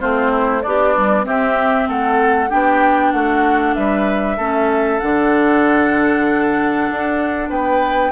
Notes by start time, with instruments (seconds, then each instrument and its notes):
0.00 bassoon A3, clarinet C4, oboe F4, flute C5
0.32 oboe E4
0.63 bassoon B3, oboe D4, clarinet G4, flute D5
0.97 clarinet G3
1.25 clarinet C4, bassoon C4, oboe G4, flute E5
1.89 bassoon A3, oboe A4, flute F#5
2.50 bassoon B3, clarinet D4, oboe G4, flute G5
3.12 bassoon A3, oboe F#4, flute F#5
3.75 bassoon G3, oboe B4, flute E5
4.37 bassoon A3, clarinet C#4, oboe A4
5.00 bassoon D3, clarinet D4, flute F#5
6.91 bassoon D4
7.50 bassoon B3, oboe B4, flute G5